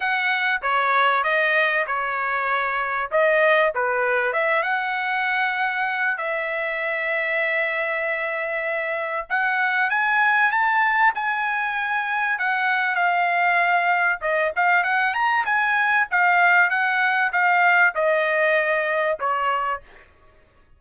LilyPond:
\new Staff \with { instrumentName = "trumpet" } { \time 4/4 \tempo 4 = 97 fis''4 cis''4 dis''4 cis''4~ | cis''4 dis''4 b'4 e''8 fis''8~ | fis''2 e''2~ | e''2. fis''4 |
gis''4 a''4 gis''2 | fis''4 f''2 dis''8 f''8 | fis''8 ais''8 gis''4 f''4 fis''4 | f''4 dis''2 cis''4 | }